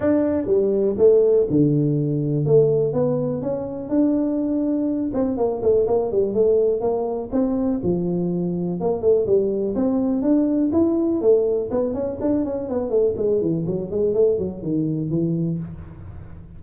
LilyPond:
\new Staff \with { instrumentName = "tuba" } { \time 4/4 \tempo 4 = 123 d'4 g4 a4 d4~ | d4 a4 b4 cis'4 | d'2~ d'8 c'8 ais8 a8 | ais8 g8 a4 ais4 c'4 |
f2 ais8 a8 g4 | c'4 d'4 e'4 a4 | b8 cis'8 d'8 cis'8 b8 a8 gis8 e8 | fis8 gis8 a8 fis8 dis4 e4 | }